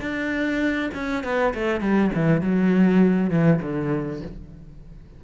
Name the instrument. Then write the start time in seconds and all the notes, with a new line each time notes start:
cello
0.00 D4
0.94 C#4
1.24 B3
1.54 A3
1.80 G3
2.14 E3
2.41 F#3
3.30 E3
3.61 D3